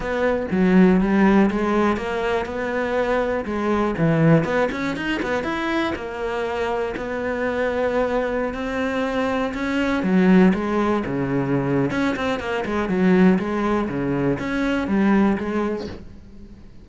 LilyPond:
\new Staff \with { instrumentName = "cello" } { \time 4/4 \tempo 4 = 121 b4 fis4 g4 gis4 | ais4 b2 gis4 | e4 b8 cis'8 dis'8 b8 e'4 | ais2 b2~ |
b4~ b16 c'2 cis'8.~ | cis'16 fis4 gis4 cis4.~ cis16 | cis'8 c'8 ais8 gis8 fis4 gis4 | cis4 cis'4 g4 gis4 | }